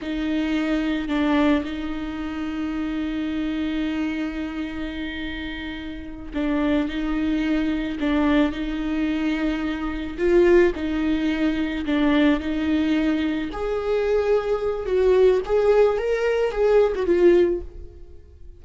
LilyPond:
\new Staff \with { instrumentName = "viola" } { \time 4/4 \tempo 4 = 109 dis'2 d'4 dis'4~ | dis'1~ | dis'2.~ dis'8 d'8~ | d'8 dis'2 d'4 dis'8~ |
dis'2~ dis'8 f'4 dis'8~ | dis'4. d'4 dis'4.~ | dis'8 gis'2~ gis'8 fis'4 | gis'4 ais'4 gis'8. fis'16 f'4 | }